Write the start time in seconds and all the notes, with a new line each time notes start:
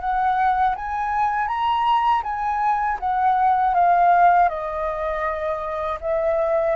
0.00 F#5
0.75 G#5
1.47 A#5
2.23 G#5
2.99 F#5
3.74 F5
4.49 D#5
6.01 E5